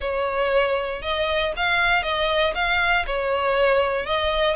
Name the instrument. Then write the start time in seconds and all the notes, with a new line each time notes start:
violin
0.00 C#5
1.02 D#5
1.56 F5
2.02 D#5
2.54 F5
3.06 C#5
4.06 D#5